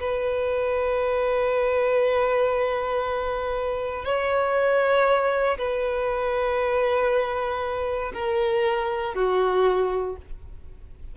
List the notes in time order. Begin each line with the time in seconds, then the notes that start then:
0.00 B4
4.05 C#5
5.58 B4
8.14 A#4
9.15 F#4